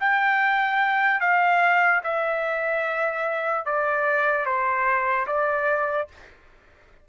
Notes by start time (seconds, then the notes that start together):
0.00 G5
1.21 F5
2.04 E5
3.66 D5
4.46 C5
5.27 D5